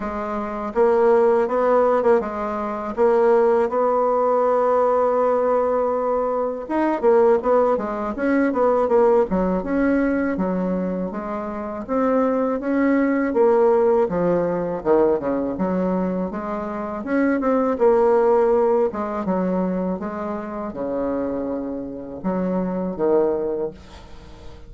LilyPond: \new Staff \with { instrumentName = "bassoon" } { \time 4/4 \tempo 4 = 81 gis4 ais4 b8. ais16 gis4 | ais4 b2.~ | b4 dis'8 ais8 b8 gis8 cis'8 b8 | ais8 fis8 cis'4 fis4 gis4 |
c'4 cis'4 ais4 f4 | dis8 cis8 fis4 gis4 cis'8 c'8 | ais4. gis8 fis4 gis4 | cis2 fis4 dis4 | }